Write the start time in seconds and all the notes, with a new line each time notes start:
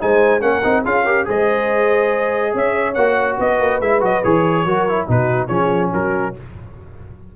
0.00 G#3 D#4 C5 G#5
0.41 A#3 C#4 A#4 F#5
0.64 C4 D#4
0.84 C#4 F4 G#4 F5
1.04 G4 A#4
1.25 G#3 G#4 C5 D#5
2.53 C#4 C#5 E5
2.94 A#3 F#4 F#5
3.37 B3 B4 D#5
3.60 A#3
3.80 G#3 E4 E5
4.00 F#3 F#4 D#5
4.24 E3 G#4 C#5
4.65 F#3 F#4 A#4
4.88 E4
5.08 B2 D#4 F#4 B4
5.47 F3 C#4 G#4 C#5
5.93 F#3 F#4 A#4